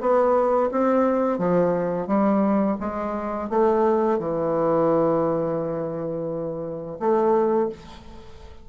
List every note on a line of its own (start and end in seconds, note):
0.00 0.70 B3
0.71 1.38 C4
1.38 2.07 F3
2.07 2.77 G3
2.80 3.49 G#3
3.49 4.19 A3
4.19 6.98 E3
6.99 7.69 A3